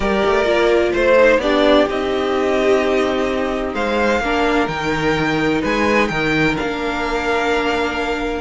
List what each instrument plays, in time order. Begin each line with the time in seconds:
0.00 cello G3, viola G4, violin A#4 D5
0.25 cello A3
0.44 cello A#3, viola F4
0.92 cello A3, violin C5
1.17 viola D#4
1.37 cello B3, viola D4, violin G4 D5
1.87 cello C4, viola D#4, violin D#5
3.73 cello G#3, violin C5 F5
4.19 cello A#3, viola D4, violin A#4
4.67 cello D#3, viola D#4, violin G5
5.61 cello G#3, violin B4 G#5
6.08 cello D#3, violin A#4 G5
6.56 cello A#3, viola D4, violin F5